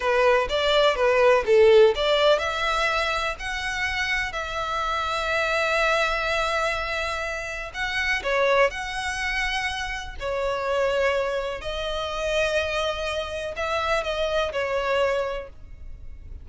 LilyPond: \new Staff \with { instrumentName = "violin" } { \time 4/4 \tempo 4 = 124 b'4 d''4 b'4 a'4 | d''4 e''2 fis''4~ | fis''4 e''2.~ | e''1 |
fis''4 cis''4 fis''2~ | fis''4 cis''2. | dis''1 | e''4 dis''4 cis''2 | }